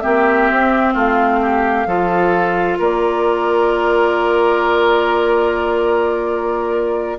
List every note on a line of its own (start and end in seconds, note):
0.00 0.50 A#3
0.00 1.86 C4
0.00 0.93 G4
0.00 0.92 E5
0.50 0.95 C4
0.93 1.86 A3
0.93 1.39 F4
0.93 2.79 F5
1.41 1.87 G4
1.86 2.78 F3
1.86 7.17 F4
1.86 2.78 A4
2.78 7.18 A#3
2.78 7.17 A#4
2.78 7.18 D5